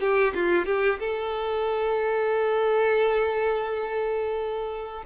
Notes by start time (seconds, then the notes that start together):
0.00 G4
0.34 F4
0.65 G4
0.99 A4